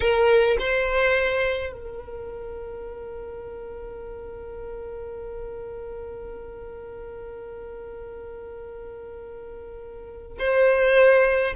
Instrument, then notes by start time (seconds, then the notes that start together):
violin
0.00 A#4
0.59 C5
1.72 A#4
10.38 C5